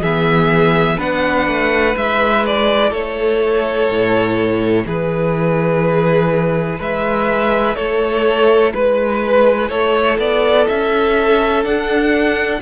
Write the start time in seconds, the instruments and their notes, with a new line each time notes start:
0.00 cello E3, viola B3, violin G#4 E5
0.97 cello B3, viola D4, violin B4 F#5
1.47 cello A3
1.94 cello G#3, viola E4, violin E5
2.46 violin D5
2.90 cello A3, violin A4 C#5
3.89 cello A2
4.85 cello E3, violin G#4 B4
6.79 cello G#3, violin B4 E5
7.76 cello A3, violin A4 C#5
8.74 cello G#3, violin B4
9.69 cello A3, violin A4 C#5
10.18 cello B3, violin D5
10.67 cello C#4, violin E5
11.64 viola D4, cello D4, violin F#5